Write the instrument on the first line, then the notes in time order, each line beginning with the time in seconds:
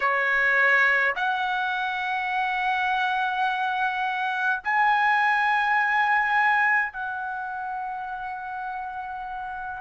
trumpet
0.00 C#5
1.15 F#5
4.63 G#5
6.92 F#5